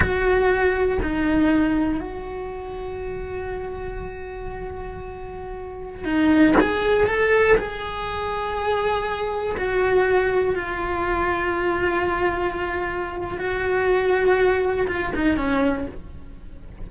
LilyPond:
\new Staff \with { instrumentName = "cello" } { \time 4/4 \tempo 4 = 121 fis'2 dis'2 | fis'1~ | fis'1~ | fis'16 dis'4 gis'4 a'4 gis'8.~ |
gis'2.~ gis'16 fis'8.~ | fis'4~ fis'16 f'2~ f'8.~ | f'2. fis'4~ | fis'2 f'8 dis'8 cis'4 | }